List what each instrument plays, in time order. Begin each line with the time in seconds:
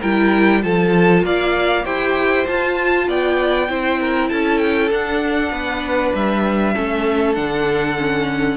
0.00 cello G3, viola E4, violin A#4 G5
0.62 cello F3, viola F4, violin A4 A5
1.23 cello A#3, violin D5 F5
1.84 cello E4, viola G4, violin C5 G5
2.45 viola F4, cello F4, violin A5
3.08 cello B3, violin D5 G5
3.68 cello C4, viola E4, violin C5
4.00 violin A#4
4.29 cello C#4, violin A4 A5
4.58 violin G5
4.91 cello D4, viola D4, violin F#5
5.52 cello B3, violin B4
6.14 cello G3, violin E5
6.74 cello A3, viola C#4, violin A4
7.34 cello D3, viola D4, violin F#5
7.98 viola C#4